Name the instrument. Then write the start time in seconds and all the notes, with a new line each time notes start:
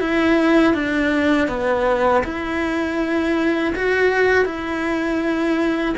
cello
0.00 E4
0.74 D4
1.48 B3
2.24 E4
3.75 F#4
4.45 E4